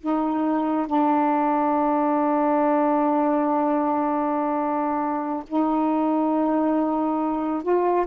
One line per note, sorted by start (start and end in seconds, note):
0.00 0.87 D#4
0.87 5.43 D4
5.47 7.62 D#4
7.62 8.06 F4